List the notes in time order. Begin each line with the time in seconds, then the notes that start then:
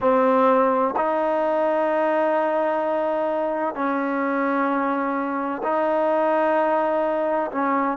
0.00 C4
0.96 D#4
3.74 C#4
5.63 D#4
7.51 C#4